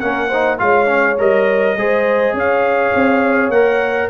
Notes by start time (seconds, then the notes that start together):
0.00 A#3 C#4 A#4 F#5
0.29 D#4 C5
0.59 G#3 F4 C#5 F5
0.87 C#4
1.18 G3 A#4 D#5
1.76 G#3 G#4 C5
2.34 C#4 C#5 F5
2.95 C4
3.50 A#3 A#4 F#5